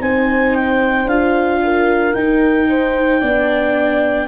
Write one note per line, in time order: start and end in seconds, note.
0.00 1.06 C4
0.00 1.07 D#4
0.00 1.62 C5
0.00 0.55 G#5
0.55 1.08 G5
1.06 2.13 D4
1.06 2.16 F4
1.06 2.14 F5
1.64 2.69 A#4
2.14 3.21 D#4
2.14 4.28 G5
2.69 3.20 C5
3.20 4.28 B3
3.20 4.28 D4
3.20 4.27 D5